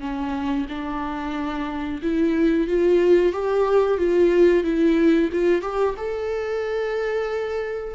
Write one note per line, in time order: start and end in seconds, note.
0.00 0.66 C#4
0.69 2.00 D4
2.02 2.67 E4
2.67 3.32 F4
3.32 3.98 G4
3.98 4.64 F4
4.64 5.30 E4
5.32 5.62 F4
5.62 5.95 G4
5.97 7.95 A4